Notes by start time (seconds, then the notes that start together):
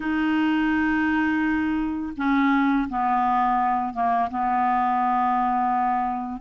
0.00 D#4
2.17 C#4
2.89 B3
3.93 A#3
4.30 B3